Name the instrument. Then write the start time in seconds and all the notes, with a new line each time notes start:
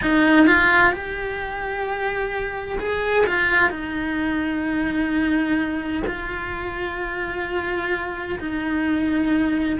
cello
0.01 D#4
0.46 F4
0.92 G4
2.79 G#4
3.26 F4
3.70 D#4
6.06 F4
8.39 D#4